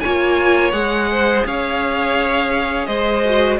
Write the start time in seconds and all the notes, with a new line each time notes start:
0.00 A#3 F4 C#5 G#5
0.72 G#3 G#4 F#5
1.11 C5
1.46 C#4 C#5 F5
2.86 G#3 C5 D#5
3.25 F#4